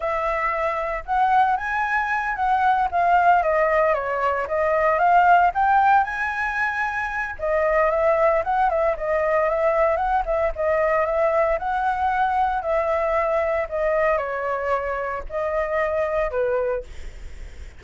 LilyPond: \new Staff \with { instrumentName = "flute" } { \time 4/4 \tempo 4 = 114 e''2 fis''4 gis''4~ | gis''8 fis''4 f''4 dis''4 cis''8~ | cis''8 dis''4 f''4 g''4 gis''8~ | gis''2 dis''4 e''4 |
fis''8 e''8 dis''4 e''4 fis''8 e''8 | dis''4 e''4 fis''2 | e''2 dis''4 cis''4~ | cis''4 dis''2 b'4 | }